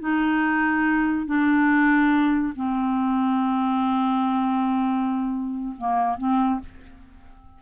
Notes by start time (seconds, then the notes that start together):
0.00 D#4
1.26 D4
2.56 C4
5.78 A#3
6.18 C4